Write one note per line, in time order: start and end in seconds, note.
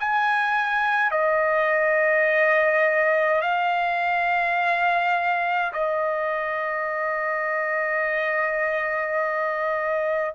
0.00 1.11 G#5
1.11 3.41 D#5
3.41 5.72 F5
5.73 10.34 D#5